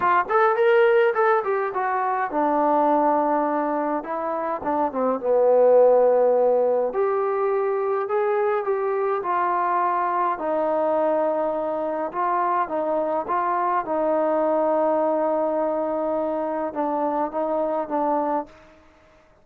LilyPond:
\new Staff \with { instrumentName = "trombone" } { \time 4/4 \tempo 4 = 104 f'8 a'8 ais'4 a'8 g'8 fis'4 | d'2. e'4 | d'8 c'8 b2. | g'2 gis'4 g'4 |
f'2 dis'2~ | dis'4 f'4 dis'4 f'4 | dis'1~ | dis'4 d'4 dis'4 d'4 | }